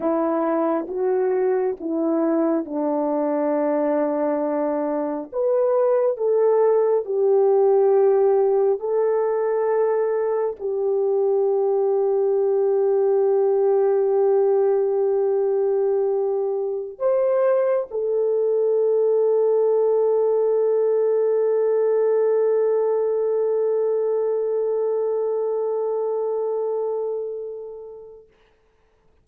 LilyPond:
\new Staff \with { instrumentName = "horn" } { \time 4/4 \tempo 4 = 68 e'4 fis'4 e'4 d'4~ | d'2 b'4 a'4 | g'2 a'2 | g'1~ |
g'2.~ g'16 c''8.~ | c''16 a'2.~ a'8.~ | a'1~ | a'1 | }